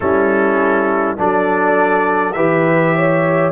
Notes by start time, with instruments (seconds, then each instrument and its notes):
0.00 tuba G3, trombone C#4, horn E4, trumpet A4
1.17 tuba F#3, trombone D4, horn A4, trumpet D5
2.33 tuba E3, trombone G4, horn B4, trumpet E5
2.95 horn C#5